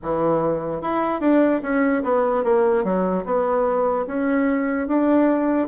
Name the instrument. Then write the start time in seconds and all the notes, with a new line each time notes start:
bassoon
0.02 E3
0.81 E4
1.20 D4
1.62 C#4
2.03 B3
2.43 A#3
2.84 F#3
3.25 B3
4.07 C#4
4.87 D4